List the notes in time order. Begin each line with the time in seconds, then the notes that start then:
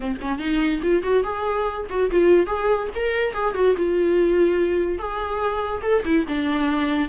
0.00 C4
0.21 C#4
0.38 D#4
0.82 F4
1.02 F#4
1.23 G#4
1.89 F#4
2.11 F4
2.46 G#4
2.95 A#4
3.33 G#4
3.54 F#4
3.76 F4
4.98 G#4
5.82 A4
6.05 E4
6.28 D4